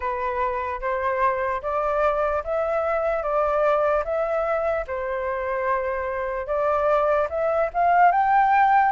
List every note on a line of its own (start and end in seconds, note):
0.00 0.80 B4
0.80 1.61 C5
1.62 2.43 D5
2.44 3.22 E5
3.22 4.03 D5
4.04 4.85 E5
4.86 6.46 C5
6.46 7.28 D5
7.29 7.70 E5
7.73 8.11 F5
8.11 8.92 G5